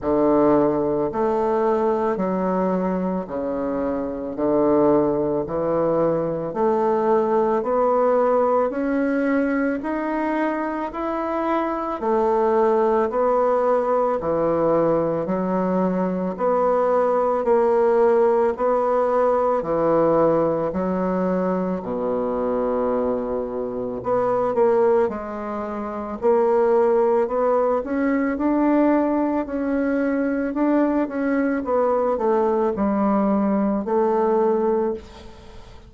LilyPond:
\new Staff \with { instrumentName = "bassoon" } { \time 4/4 \tempo 4 = 55 d4 a4 fis4 cis4 | d4 e4 a4 b4 | cis'4 dis'4 e'4 a4 | b4 e4 fis4 b4 |
ais4 b4 e4 fis4 | b,2 b8 ais8 gis4 | ais4 b8 cis'8 d'4 cis'4 | d'8 cis'8 b8 a8 g4 a4 | }